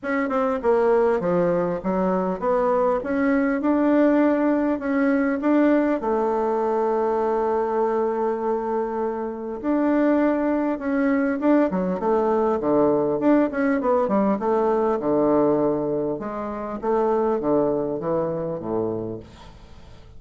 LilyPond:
\new Staff \with { instrumentName = "bassoon" } { \time 4/4 \tempo 4 = 100 cis'8 c'8 ais4 f4 fis4 | b4 cis'4 d'2 | cis'4 d'4 a2~ | a1 |
d'2 cis'4 d'8 fis8 | a4 d4 d'8 cis'8 b8 g8 | a4 d2 gis4 | a4 d4 e4 a,4 | }